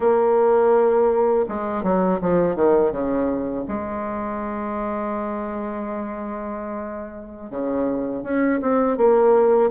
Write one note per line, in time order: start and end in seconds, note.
0.00 1.45 A#3
1.48 1.83 G#3
1.83 2.19 F#3
2.21 2.55 F3
2.55 2.91 D#3
2.91 3.64 C#3
3.68 7.50 G#3
7.50 8.23 C#3
8.23 8.59 C#4
8.61 8.97 C4
8.97 9.70 A#3